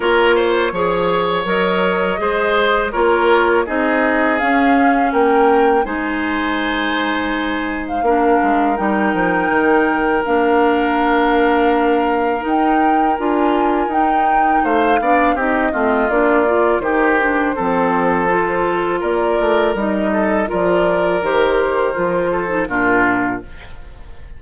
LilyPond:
<<
  \new Staff \with { instrumentName = "flute" } { \time 4/4 \tempo 4 = 82 cis''2 dis''2 | cis''4 dis''4 f''4 g''4 | gis''2~ gis''8. f''4~ f''16 | g''2 f''2~ |
f''4 g''4 gis''4 g''4 | f''4 dis''4 d''4 c''4~ | c''2 d''4 dis''4 | d''4 c''2 ais'4 | }
  \new Staff \with { instrumentName = "oboe" } { \time 4/4 ais'8 c''8 cis''2 c''4 | ais'4 gis'2 ais'4 | c''2. ais'4~ | ais'1~ |
ais'1 | c''8 d''8 g'8 f'4. g'4 | a'2 ais'4. a'8 | ais'2~ ais'8 a'8 f'4 | }
  \new Staff \with { instrumentName = "clarinet" } { \time 4/4 f'4 gis'4 ais'4 gis'4 | f'4 dis'4 cis'2 | dis'2. d'4 | dis'2 d'2~ |
d'4 dis'4 f'4 dis'4~ | dis'8 d'8 dis'8 c'8 d'8 f'8 dis'8 d'8 | c'4 f'2 dis'4 | f'4 g'4 f'8. dis'16 d'4 | }
  \new Staff \with { instrumentName = "bassoon" } { \time 4/4 ais4 f4 fis4 gis4 | ais4 c'4 cis'4 ais4 | gis2. ais8 gis8 | g8 f8 dis4 ais2~ |
ais4 dis'4 d'4 dis'4 | a8 b8 c'8 a8 ais4 dis4 | f2 ais8 a8 g4 | f4 dis4 f4 ais,4 | }
>>